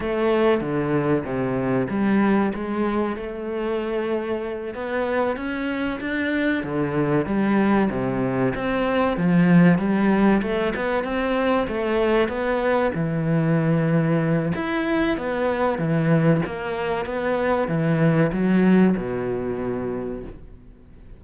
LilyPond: \new Staff \with { instrumentName = "cello" } { \time 4/4 \tempo 4 = 95 a4 d4 c4 g4 | gis4 a2~ a8 b8~ | b8 cis'4 d'4 d4 g8~ | g8 c4 c'4 f4 g8~ |
g8 a8 b8 c'4 a4 b8~ | b8 e2~ e8 e'4 | b4 e4 ais4 b4 | e4 fis4 b,2 | }